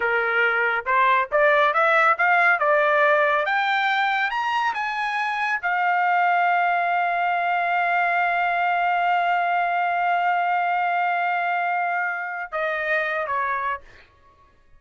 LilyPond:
\new Staff \with { instrumentName = "trumpet" } { \time 4/4 \tempo 4 = 139 ais'2 c''4 d''4 | e''4 f''4 d''2 | g''2 ais''4 gis''4~ | gis''4 f''2.~ |
f''1~ | f''1~ | f''1~ | f''4 dis''4.~ dis''16 cis''4~ cis''16 | }